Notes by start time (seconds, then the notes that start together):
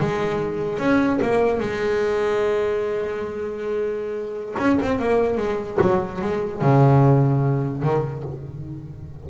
0.00 G#3
0.78 C#4
1.22 A#3
1.60 G#3
4.58 C#4
4.82 C4
4.99 A#3
5.37 G#3
5.81 F#3
6.22 G#3
6.61 C#3
7.83 D#3